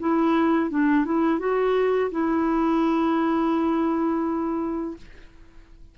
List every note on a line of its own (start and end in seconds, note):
0.00 0.70 E4
0.70 1.05 D4
1.05 1.39 E4
1.39 2.10 F#4
2.11 4.97 E4